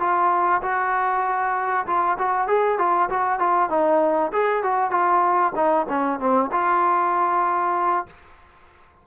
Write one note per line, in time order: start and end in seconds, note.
0.00 0.62 F4
0.62 1.86 F#4
1.87 2.18 F4
2.19 2.48 F#4
2.48 2.79 G#4
2.79 3.10 F4
3.10 3.39 F#4
3.39 3.70 F4
3.70 4.32 D#4
4.33 4.64 G#4
4.64 4.91 F#4
4.91 5.53 F4
5.56 5.87 D#4
5.89 6.20 C#4
6.20 6.51 C4
6.52 8.07 F4